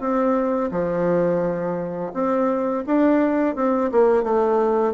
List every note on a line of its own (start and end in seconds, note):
0.00 0.71 C4
0.72 2.13 F3
2.14 2.84 C4
2.87 3.56 D4
3.56 3.91 C4
3.92 4.24 A#3
4.24 4.94 A3